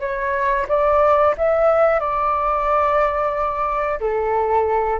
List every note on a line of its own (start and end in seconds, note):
0.00 0.67 C#5
0.68 1.35 D5
1.38 2.00 E5
2.00 4.00 D5
4.00 5.00 A4